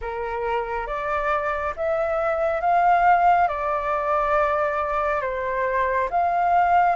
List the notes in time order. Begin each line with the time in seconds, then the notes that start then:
0.01 A#4
0.87 D5
1.76 E5
2.60 F5
3.47 D5
5.21 C5
6.10 F5